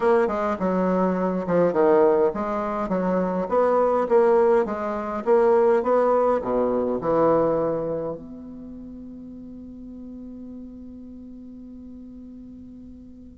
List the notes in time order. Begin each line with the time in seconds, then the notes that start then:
0.00 A#3
0.27 G#3
0.59 F#3
1.46 F3
1.72 D#3
2.34 G#3
2.89 F#3
3.48 B3
4.09 A#3
4.65 G#3
5.24 A#3
5.83 B3
6.41 B2
7.00 E3
8.16 B3